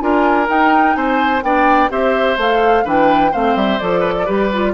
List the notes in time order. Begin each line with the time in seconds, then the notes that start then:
0.00 D4 F4 A#4 G#5
0.46 D#4 G5
0.95 C4 C5 G#5
1.43 B3 D4 D5 G5
1.89 C4 G4 C5 E5
2.37 A3 A4 F5
2.84 E3 D4 B4 G5
3.31 A3 C4 C5 F5
3.55 G3 E5
3.79 F3 A4 D5
4.00 B4
4.18 A4
4.25 G3 G4 B4
4.53 F4